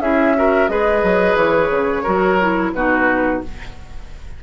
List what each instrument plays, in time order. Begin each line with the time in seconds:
0.00 bassoon C#4, clarinet E4, oboe G#4, flute E5
0.36 clarinet F#4, oboe A#4
0.68 bassoon G#3, clarinet G#4, oboe B4, flute D#5
1.03 bassoon F#3
1.36 bassoon E3, flute C#5
1.70 bassoon C#3
2.03 bassoon F#3, clarinet F#4, oboe A#4
2.41 clarinet E4
2.73 bassoon B2, clarinet D#4, oboe F#4, flute B4